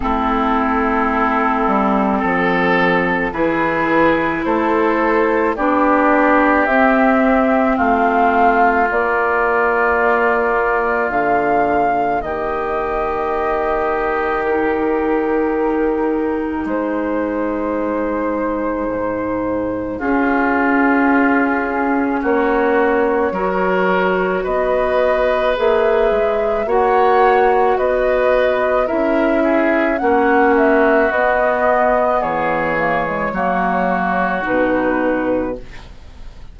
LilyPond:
<<
  \new Staff \with { instrumentName = "flute" } { \time 4/4 \tempo 4 = 54 a'2. b'4 | c''4 d''4 e''4 f''4 | d''2 f''4 dis''4~ | dis''4 ais'2 c''4~ |
c''2 gis'2 | cis''2 dis''4 e''4 | fis''4 dis''4 e''4 fis''8 e''8 | dis''4 cis''2 b'4 | }
  \new Staff \with { instrumentName = "oboe" } { \time 4/4 e'2 a'4 gis'4 | a'4 g'2 f'4~ | f'2. g'4~ | g'2. gis'4~ |
gis'2 f'2 | fis'4 ais'4 b'2 | cis''4 b'4 ais'8 gis'8 fis'4~ | fis'4 gis'4 fis'2 | }
  \new Staff \with { instrumentName = "clarinet" } { \time 4/4 c'2. e'4~ | e'4 d'4 c'2 | ais1~ | ais4 dis'2.~ |
dis'2 cis'2~ | cis'4 fis'2 gis'4 | fis'2 e'4 cis'4 | b4. ais16 gis16 ais4 dis'4 | }
  \new Staff \with { instrumentName = "bassoon" } { \time 4/4 a4. g8 f4 e4 | a4 b4 c'4 a4 | ais2 d4 dis4~ | dis2. gis4~ |
gis4 gis,4 cis'2 | ais4 fis4 b4 ais8 gis8 | ais4 b4 cis'4 ais4 | b4 e4 fis4 b,4 | }
>>